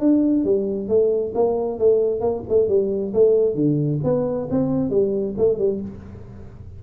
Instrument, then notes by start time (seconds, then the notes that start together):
tuba
0.00 D4
0.45 G3
0.89 A3
1.35 A#3
1.79 A3
2.21 A#3
2.49 A3
2.69 G3
3.14 A3
3.55 D3
4.04 B3
4.51 C4
4.91 G3
5.38 A3
5.59 G3